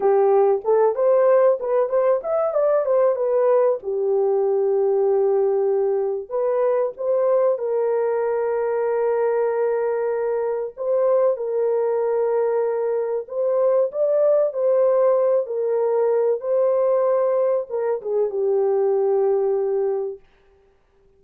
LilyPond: \new Staff \with { instrumentName = "horn" } { \time 4/4 \tempo 4 = 95 g'4 a'8 c''4 b'8 c''8 e''8 | d''8 c''8 b'4 g'2~ | g'2 b'4 c''4 | ais'1~ |
ais'4 c''4 ais'2~ | ais'4 c''4 d''4 c''4~ | c''8 ais'4. c''2 | ais'8 gis'8 g'2. | }